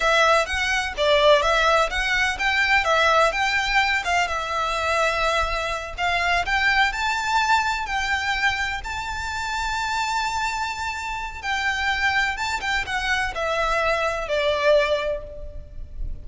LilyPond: \new Staff \with { instrumentName = "violin" } { \time 4/4 \tempo 4 = 126 e''4 fis''4 d''4 e''4 | fis''4 g''4 e''4 g''4~ | g''8 f''8 e''2.~ | e''8 f''4 g''4 a''4.~ |
a''8 g''2 a''4.~ | a''1 | g''2 a''8 g''8 fis''4 | e''2 d''2 | }